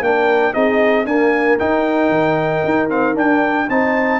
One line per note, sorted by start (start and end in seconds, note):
0.00 0.52 A#3
0.00 0.53 D4
0.00 0.53 A#4
0.00 0.53 G5
0.53 1.05 C4
0.53 1.05 D#4
0.53 1.05 G#4
0.53 1.05 D#5
1.05 1.59 A#3
1.05 1.57 D4
1.05 3.69 A#4
1.05 1.58 G#5
1.59 2.89 D#4
1.59 2.09 D#4
1.59 2.89 G5
2.09 2.61 D#3
2.65 3.16 D#4
2.89 3.14 C4
2.89 3.16 F5
3.14 3.66 D4
3.14 3.68 D4
3.14 3.69 G5
3.69 4.19 C4
3.69 4.19 D#4
3.69 4.19 C5
3.69 4.19 A5